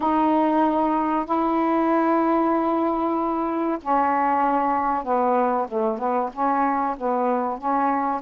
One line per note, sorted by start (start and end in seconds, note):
0.00 1.25 D#4
1.25 3.78 E4
3.82 5.04 C#4
5.04 5.67 B3
5.68 5.98 A3
5.98 6.30 B3
6.32 6.96 C#4
6.97 7.58 B3
7.58 8.21 C#4